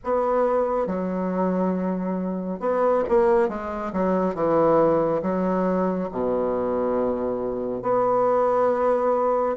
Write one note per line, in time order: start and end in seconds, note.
0.04 0.87 B3
0.87 2.60 F#3
2.60 3.03 B3
3.09 3.49 A#3
3.49 3.92 G#3
3.92 4.34 F#3
4.34 5.21 E3
5.22 6.09 F#3
6.11 7.82 B2
7.82 9.56 B3